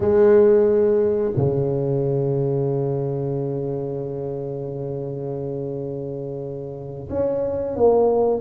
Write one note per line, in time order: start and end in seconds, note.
0.00 1.32 G#3
1.36 7.09 C#3
7.09 7.76 C#4
7.76 8.40 A#3